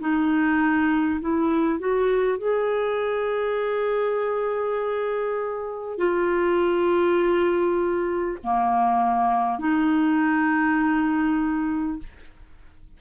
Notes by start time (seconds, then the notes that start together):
0.00 D#4
1.21 E4
1.79 F#4
2.38 G#4
5.98 F4
8.44 A#3
9.59 D#4